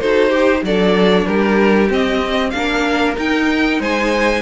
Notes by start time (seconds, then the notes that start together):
0.00 D#4 F#4 A4 C5
0.30 G4
0.63 F#3 D4 A4 D5
1.26 G3 G4 A#4
1.89 C4 D#5
2.51 A#3 D4 F5
2.57 A#4
3.15 D#4 G5
3.79 G#3 C5 G#5